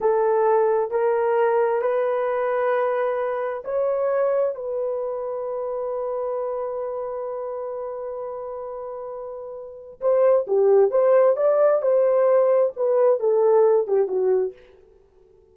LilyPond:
\new Staff \with { instrumentName = "horn" } { \time 4/4 \tempo 4 = 132 a'2 ais'2 | b'1 | cis''2 b'2~ | b'1~ |
b'1~ | b'2 c''4 g'4 | c''4 d''4 c''2 | b'4 a'4. g'8 fis'4 | }